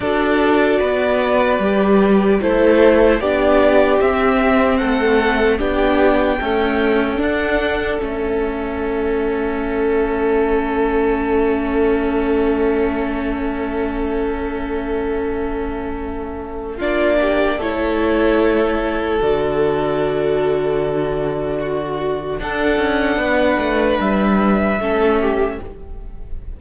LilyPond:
<<
  \new Staff \with { instrumentName = "violin" } { \time 4/4 \tempo 4 = 75 d''2. c''4 | d''4 e''4 fis''4 g''4~ | g''4 fis''4 e''2~ | e''1~ |
e''1~ | e''4 d''4 cis''2 | d''1 | fis''2 e''2 | }
  \new Staff \with { instrumentName = "violin" } { \time 4/4 a'4 b'2 a'4 | g'2 a'4 g'4 | a'1~ | a'1~ |
a'1~ | a'4 f'8 g'8 a'2~ | a'2. fis'4 | a'4 b'2 a'8 g'8 | }
  \new Staff \with { instrumentName = "viola" } { \time 4/4 fis'2 g'4 e'4 | d'4 c'2 d'4 | a4 d'4 cis'2~ | cis'1~ |
cis'1~ | cis'4 d'4 e'2 | fis'1 | d'2. cis'4 | }
  \new Staff \with { instrumentName = "cello" } { \time 4/4 d'4 b4 g4 a4 | b4 c'4 a4 b4 | cis'4 d'4 a2~ | a1~ |
a1~ | a4 ais4 a2 | d1 | d'8 cis'8 b8 a8 g4 a4 | }
>>